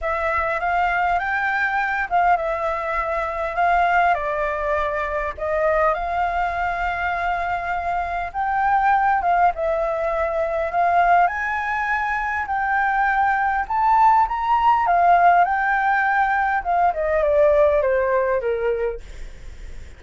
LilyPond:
\new Staff \with { instrumentName = "flute" } { \time 4/4 \tempo 4 = 101 e''4 f''4 g''4. f''8 | e''2 f''4 d''4~ | d''4 dis''4 f''2~ | f''2 g''4. f''8 |
e''2 f''4 gis''4~ | gis''4 g''2 a''4 | ais''4 f''4 g''2 | f''8 dis''8 d''4 c''4 ais'4 | }